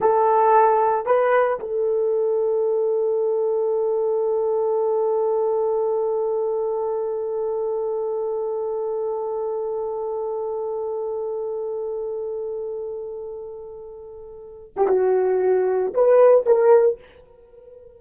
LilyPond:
\new Staff \with { instrumentName = "horn" } { \time 4/4 \tempo 4 = 113 a'2 b'4 a'4~ | a'1~ | a'1~ | a'1~ |
a'1~ | a'1~ | a'2.~ a'8. g'16 | fis'2 b'4 ais'4 | }